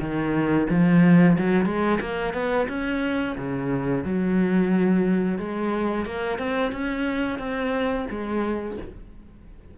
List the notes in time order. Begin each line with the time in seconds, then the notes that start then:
0.00 D#3
0.70 F3
1.38 F#3
1.65 G#3
2.01 A#3
2.34 B3
2.68 C#4
3.38 C#3
4.04 F#3
5.38 G#3
6.06 A#3
6.39 C4
6.72 C#4
7.39 C4
8.10 G#3